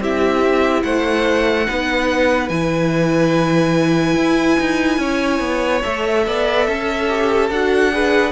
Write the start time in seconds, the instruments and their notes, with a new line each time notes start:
0.00 cello C4, viola E4, violin G4 E5
0.83 cello A3, violin C5 F#5
1.66 cello B3, viola D#4, violin B4
2.49 cello E3, viola E4, violin G#5
4.17 cello E4
4.60 cello D#4
4.98 cello C#4, violin C#5
5.40 cello B3
5.82 cello A3, viola A4, violin E5
6.27 cello B3, violin D5
6.68 cello C#4, violin A4
7.08 viola G4
7.50 cello D4, viola F#4, violin F#5
7.92 viola G#4, violin B4